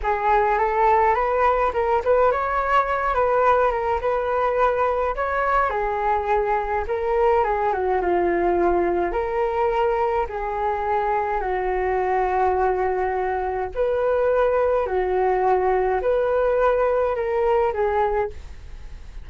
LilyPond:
\new Staff \with { instrumentName = "flute" } { \time 4/4 \tempo 4 = 105 gis'4 a'4 b'4 ais'8 b'8 | cis''4. b'4 ais'8 b'4~ | b'4 cis''4 gis'2 | ais'4 gis'8 fis'8 f'2 |
ais'2 gis'2 | fis'1 | b'2 fis'2 | b'2 ais'4 gis'4 | }